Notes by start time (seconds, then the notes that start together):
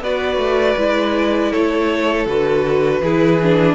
0.00 B3 F#4 B4 D5
0.36 A3
0.77 G#3 E4
1.51 A3 A4 C#5
2.26 D3 F#4 B4
3.00 E3 E4 G#4
3.42 D4